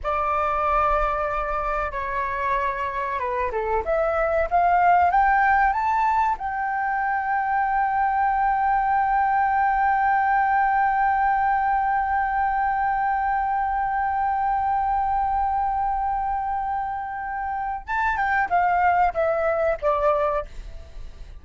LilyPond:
\new Staff \with { instrumentName = "flute" } { \time 4/4 \tempo 4 = 94 d''2. cis''4~ | cis''4 b'8 a'8 e''4 f''4 | g''4 a''4 g''2~ | g''1~ |
g''1~ | g''1~ | g''1 | a''8 g''8 f''4 e''4 d''4 | }